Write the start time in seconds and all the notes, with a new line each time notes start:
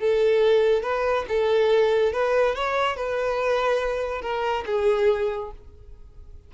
0.00 A4
0.83 B4
1.29 A4
2.13 B4
2.56 C#5
2.97 B4
4.22 A#4
4.66 G#4